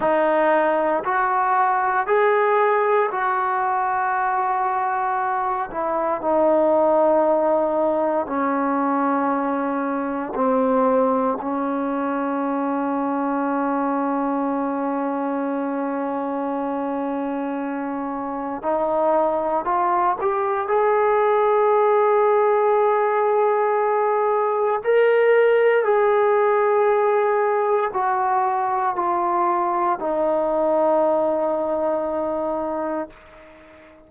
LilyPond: \new Staff \with { instrumentName = "trombone" } { \time 4/4 \tempo 4 = 58 dis'4 fis'4 gis'4 fis'4~ | fis'4. e'8 dis'2 | cis'2 c'4 cis'4~ | cis'1~ |
cis'2 dis'4 f'8 g'8 | gis'1 | ais'4 gis'2 fis'4 | f'4 dis'2. | }